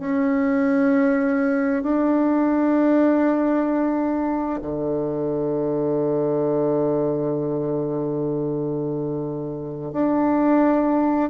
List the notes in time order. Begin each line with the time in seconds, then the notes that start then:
0.00 C#4
1.83 D4
4.62 D3
9.93 D4